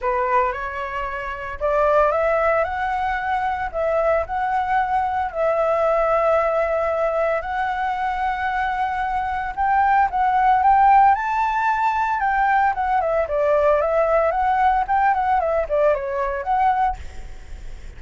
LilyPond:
\new Staff \with { instrumentName = "flute" } { \time 4/4 \tempo 4 = 113 b'4 cis''2 d''4 | e''4 fis''2 e''4 | fis''2 e''2~ | e''2 fis''2~ |
fis''2 g''4 fis''4 | g''4 a''2 g''4 | fis''8 e''8 d''4 e''4 fis''4 | g''8 fis''8 e''8 d''8 cis''4 fis''4 | }